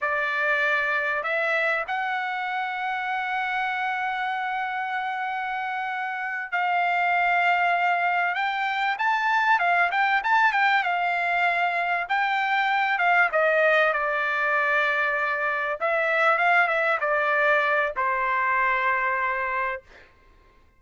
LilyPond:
\new Staff \with { instrumentName = "trumpet" } { \time 4/4 \tempo 4 = 97 d''2 e''4 fis''4~ | fis''1~ | fis''2~ fis''8 f''4.~ | f''4. g''4 a''4 f''8 |
g''8 a''8 g''8 f''2 g''8~ | g''4 f''8 dis''4 d''4.~ | d''4. e''4 f''8 e''8 d''8~ | d''4 c''2. | }